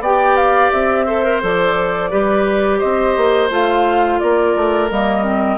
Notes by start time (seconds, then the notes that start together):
0.00 B3 G4 D5 G5
0.36 F5
0.72 C4 E5
1.06 A4 C5
1.24 A#4
1.42 F3 A4 D5
2.10 G3 G4 B4
2.79 C4 C5 D#5
3.17 A#3
3.50 A3 F4 F5
4.20 A#3 A#4 D5
4.56 A3
4.90 G3 A#3 D#5
5.23 C4